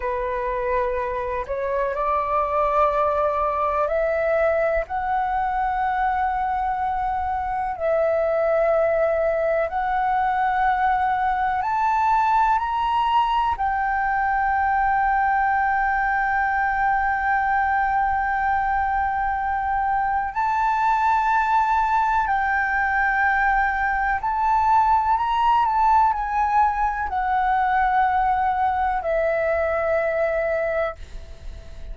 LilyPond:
\new Staff \with { instrumentName = "flute" } { \time 4/4 \tempo 4 = 62 b'4. cis''8 d''2 | e''4 fis''2. | e''2 fis''2 | a''4 ais''4 g''2~ |
g''1~ | g''4 a''2 g''4~ | g''4 a''4 ais''8 a''8 gis''4 | fis''2 e''2 | }